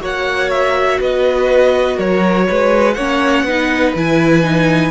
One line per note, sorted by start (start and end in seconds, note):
0.00 0.99 A#3
0.00 2.95 F#4
0.00 1.00 C#5
0.00 0.50 F#5
0.50 1.00 E5
1.00 1.98 B3
1.00 1.97 B4
1.00 1.99 D#5
1.97 2.47 F#3
1.97 2.46 A#4
1.97 2.94 C#5
2.49 2.96 G#3
2.49 2.96 B4
2.94 3.43 A#3
2.94 3.48 C#4
2.94 3.45 C#5
2.94 3.92 F#5
3.43 3.92 B3
3.43 3.95 D#4
3.43 4.91 B4
3.95 4.91 E3
3.95 4.43 E4
3.95 4.91 G#5
4.43 4.91 D#4